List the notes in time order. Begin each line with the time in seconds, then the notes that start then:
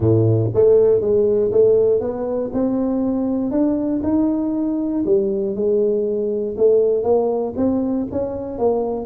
0.00 A2
0.54 A3
1.01 G#3
1.51 A3
2.00 B3
2.53 C4
3.51 D4
4.03 D#4
5.05 G3
5.55 G#3
6.57 A3
7.03 A#3
7.56 C4
8.11 C#4
8.58 A#3